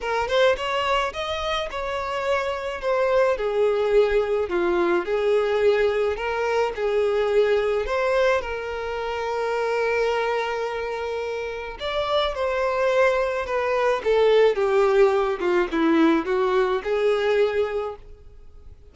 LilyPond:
\new Staff \with { instrumentName = "violin" } { \time 4/4 \tempo 4 = 107 ais'8 c''8 cis''4 dis''4 cis''4~ | cis''4 c''4 gis'2 | f'4 gis'2 ais'4 | gis'2 c''4 ais'4~ |
ais'1~ | ais'4 d''4 c''2 | b'4 a'4 g'4. f'8 | e'4 fis'4 gis'2 | }